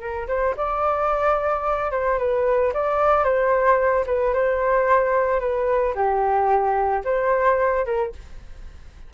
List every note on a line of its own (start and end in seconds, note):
0.00 0.27 A#4
0.28 0.55 C5
0.57 1.91 D5
1.91 2.18 C5
2.18 2.72 B4
2.73 3.24 D5
3.24 4.05 C5
4.06 4.33 B4
4.34 5.40 C5
5.40 5.94 B4
5.95 7.03 G4
7.04 7.85 C5
7.85 8.12 A#4